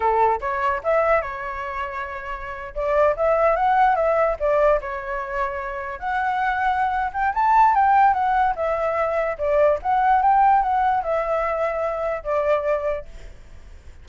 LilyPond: \new Staff \with { instrumentName = "flute" } { \time 4/4 \tempo 4 = 147 a'4 cis''4 e''4 cis''4~ | cis''2~ cis''8. d''4 e''16~ | e''8. fis''4 e''4 d''4 cis''16~ | cis''2~ cis''8. fis''4~ fis''16~ |
fis''4. g''8 a''4 g''4 | fis''4 e''2 d''4 | fis''4 g''4 fis''4 e''4~ | e''2 d''2 | }